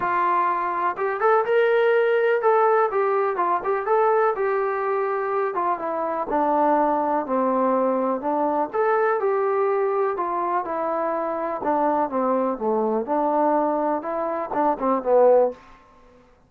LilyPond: \new Staff \with { instrumentName = "trombone" } { \time 4/4 \tempo 4 = 124 f'2 g'8 a'8 ais'4~ | ais'4 a'4 g'4 f'8 g'8 | a'4 g'2~ g'8 f'8 | e'4 d'2 c'4~ |
c'4 d'4 a'4 g'4~ | g'4 f'4 e'2 | d'4 c'4 a4 d'4~ | d'4 e'4 d'8 c'8 b4 | }